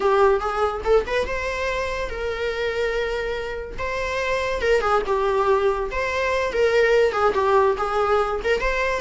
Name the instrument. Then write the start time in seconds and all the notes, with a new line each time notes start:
viola
0.00 G4
0.39 G#4
0.84 A4
1.06 B4
1.26 C5
2.09 A#4
3.78 C5
4.61 A#4
4.81 G#4
5.06 G4
5.91 C5
6.52 A#4
7.12 G#4
7.34 G4
7.77 G#4
8.44 A#4
8.60 C5